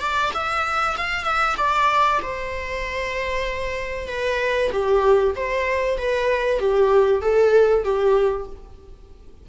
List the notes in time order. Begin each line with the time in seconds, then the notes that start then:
0.00 D5
0.34 E5
0.97 F5
1.24 E5
1.57 D5
2.22 C5
4.08 B4
4.72 G4
5.35 C5
5.98 B4
6.59 G4
7.21 A4
7.84 G4